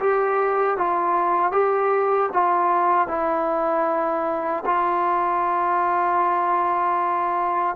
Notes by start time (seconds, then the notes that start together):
0.00 G4
0.78 F4
1.52 G4
2.33 F4
3.09 E4
4.66 F4